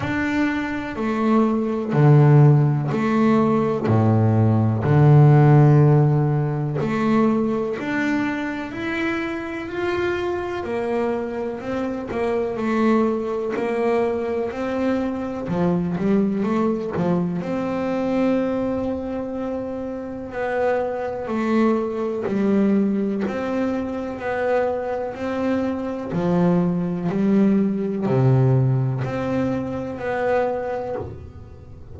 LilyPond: \new Staff \with { instrumentName = "double bass" } { \time 4/4 \tempo 4 = 62 d'4 a4 d4 a4 | a,4 d2 a4 | d'4 e'4 f'4 ais4 | c'8 ais8 a4 ais4 c'4 |
f8 g8 a8 f8 c'2~ | c'4 b4 a4 g4 | c'4 b4 c'4 f4 | g4 c4 c'4 b4 | }